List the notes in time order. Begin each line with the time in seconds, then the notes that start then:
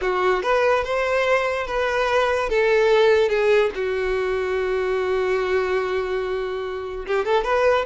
0.01 F#4
0.43 B4
0.84 C5
1.66 B4
2.49 A4
3.29 G#4
3.74 F#4
7.06 G4
7.25 A4
7.44 B4